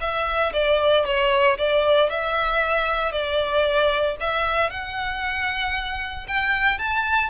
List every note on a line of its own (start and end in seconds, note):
0.00 0.52 E5
0.53 1.05 D5
1.05 1.57 C#5
1.57 2.09 D5
2.09 3.11 E5
3.11 4.16 D5
4.20 4.70 E5
4.70 6.26 F#5
6.28 6.78 G5
6.78 7.29 A5